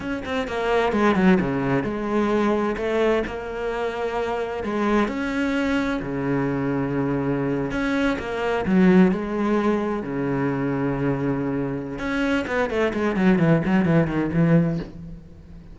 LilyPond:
\new Staff \with { instrumentName = "cello" } { \time 4/4 \tempo 4 = 130 cis'8 c'8 ais4 gis8 fis8 cis4 | gis2 a4 ais4~ | ais2 gis4 cis'4~ | cis'4 cis2.~ |
cis8. cis'4 ais4 fis4 gis16~ | gis4.~ gis16 cis2~ cis16~ | cis2 cis'4 b8 a8 | gis8 fis8 e8 fis8 e8 dis8 e4 | }